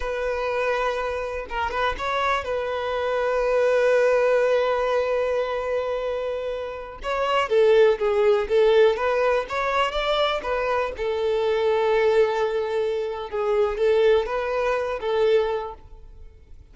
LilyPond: \new Staff \with { instrumentName = "violin" } { \time 4/4 \tempo 4 = 122 b'2. ais'8 b'8 | cis''4 b'2.~ | b'1~ | b'2~ b'16 cis''4 a'8.~ |
a'16 gis'4 a'4 b'4 cis''8.~ | cis''16 d''4 b'4 a'4.~ a'16~ | a'2. gis'4 | a'4 b'4. a'4. | }